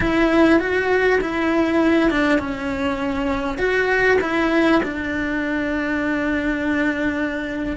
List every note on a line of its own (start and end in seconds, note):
0.00 0.59 E4
0.59 1.19 F#4
1.21 2.10 E4
2.10 2.38 D4
2.38 3.58 C#4
3.58 4.18 F#4
4.21 4.81 E4
4.83 7.76 D4